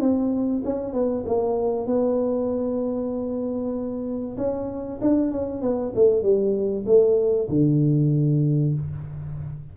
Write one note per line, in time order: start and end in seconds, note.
0.00 0.62 C4
0.64 0.93 C#4
0.93 1.24 B3
1.26 1.87 A#3
1.87 4.37 B3
4.37 5.00 C#4
5.01 5.32 D4
5.32 5.62 C#4
5.62 5.93 B3
5.95 6.22 A3
6.22 6.85 G3
6.86 7.48 A3
7.49 8.74 D3